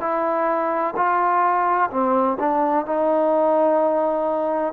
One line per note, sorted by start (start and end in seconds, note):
0.00 0.94 E4
0.96 1.90 F4
1.90 2.37 C4
2.39 2.86 D4
2.86 4.73 D#4